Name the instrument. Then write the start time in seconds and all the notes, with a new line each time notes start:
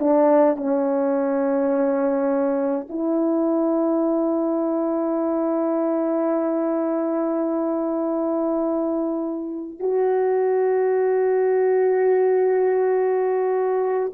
horn
0.00 D4
0.57 C#4
2.90 E4
9.80 F#4